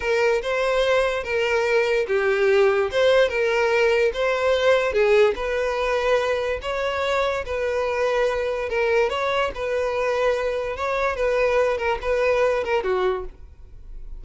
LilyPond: \new Staff \with { instrumentName = "violin" } { \time 4/4 \tempo 4 = 145 ais'4 c''2 ais'4~ | ais'4 g'2 c''4 | ais'2 c''2 | gis'4 b'2. |
cis''2 b'2~ | b'4 ais'4 cis''4 b'4~ | b'2 cis''4 b'4~ | b'8 ais'8 b'4. ais'8 fis'4 | }